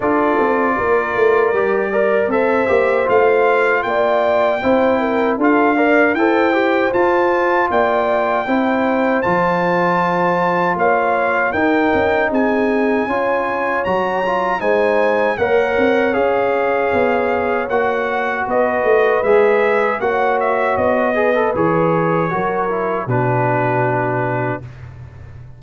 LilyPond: <<
  \new Staff \with { instrumentName = "trumpet" } { \time 4/4 \tempo 4 = 78 d''2. e''4 | f''4 g''2 f''4 | g''4 a''4 g''2 | a''2 f''4 g''4 |
gis''2 ais''4 gis''4 | fis''4 f''2 fis''4 | dis''4 e''4 fis''8 e''8 dis''4 | cis''2 b'2 | }
  \new Staff \with { instrumentName = "horn" } { \time 4/4 a'4 ais'4. d''8 c''4~ | c''4 d''4 c''8 ais'8 a'8 d''8 | c''2 d''4 c''4~ | c''2 cis''4 ais'4 |
gis'4 cis''2 c''4 | cis''1 | b'2 cis''4. b'8~ | b'4 ais'4 fis'2 | }
  \new Staff \with { instrumentName = "trombone" } { \time 4/4 f'2 g'8 ais'8 a'8 g'8 | f'2 e'4 f'8 ais'8 | a'8 g'8 f'2 e'4 | f'2. dis'4~ |
dis'4 f'4 fis'8 f'8 dis'4 | ais'4 gis'2 fis'4~ | fis'4 gis'4 fis'4. gis'16 a'16 | gis'4 fis'8 e'8 d'2 | }
  \new Staff \with { instrumentName = "tuba" } { \time 4/4 d'8 c'8 ais8 a8 g4 c'8 ais8 | a4 ais4 c'4 d'4 | e'4 f'4 ais4 c'4 | f2 ais4 dis'8 cis'8 |
c'4 cis'4 fis4 gis4 | ais8 c'8 cis'4 b4 ais4 | b8 a8 gis4 ais4 b4 | e4 fis4 b,2 | }
>>